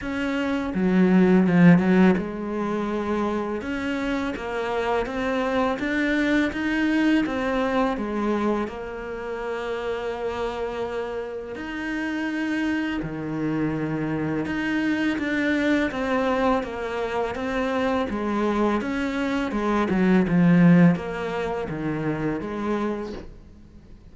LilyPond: \new Staff \with { instrumentName = "cello" } { \time 4/4 \tempo 4 = 83 cis'4 fis4 f8 fis8 gis4~ | gis4 cis'4 ais4 c'4 | d'4 dis'4 c'4 gis4 | ais1 |
dis'2 dis2 | dis'4 d'4 c'4 ais4 | c'4 gis4 cis'4 gis8 fis8 | f4 ais4 dis4 gis4 | }